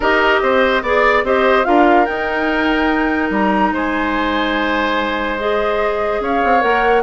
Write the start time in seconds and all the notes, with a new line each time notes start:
0.00 D#4 G4 A#4 D#5
0.42 C4 C5
0.82 B3 G#4 D5
1.23 C4 G4 C5 D#5
1.64 D4 F4 A#4 F5
2.05 D#4 G5
3.30 G3 A#5
3.72 G#3 C5 G#5
5.38 G#4 D#5
6.20 C#4 C#5 F5
6.44 C4
6.60 A#3 A#4 F#5